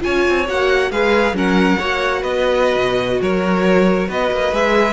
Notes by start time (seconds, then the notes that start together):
0.00 C#4 F4 C#5 G#5
0.28 C4
0.48 A#3 F#4 F#5
0.90 G#3 G#4 B4 F5
1.32 F#3 C#4 A#4 F#5
1.78 A#3 F#4 C#5
2.21 B3 B4 D#5
2.75 B2
3.21 F#3 A#4 C#5
4.08 B3 B4 D#5
4.31 A#3
4.52 G#3 G#4 E5